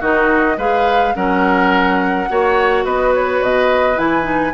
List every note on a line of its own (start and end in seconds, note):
0.00 0.57 D#3
0.00 0.58 D#4
0.00 0.57 F#4
0.00 0.58 D#5
0.57 1.13 G#3
0.57 1.14 G#4
0.57 1.14 B4
0.57 1.15 F5
1.14 2.29 F#3
1.14 2.27 C#4
1.14 2.28 A#4
1.14 2.85 F#5
2.28 2.85 A#3
2.28 3.96 F#4
2.28 2.84 C#5
2.84 3.41 B3
2.84 4.54 B4
2.84 3.13 D#5
3.14 3.42 C#5
3.41 3.98 B2
3.41 3.98 D#5
3.96 4.54 E3
3.96 4.22 E4
3.96 4.54 G#5
4.22 4.50 D#4